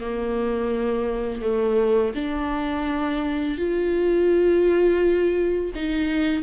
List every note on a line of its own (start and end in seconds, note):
0.00 1.42 A#3
1.42 2.13 A3
2.15 3.57 D4
3.57 5.72 F4
5.75 6.42 D#4